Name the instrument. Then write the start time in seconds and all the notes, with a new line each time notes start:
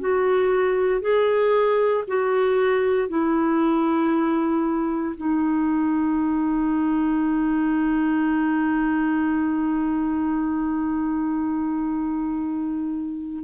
clarinet
0.00 F#4
1.01 G#4
2.08 F#4
3.08 E4
5.17 D#4